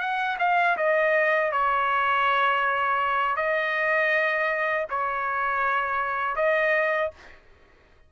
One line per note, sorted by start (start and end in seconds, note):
0.00 0.38 F#5
0.40 0.77 F5
0.78 1.52 D#5
1.52 3.37 C#5
3.37 4.87 D#5
4.90 6.36 C#5
6.36 7.11 D#5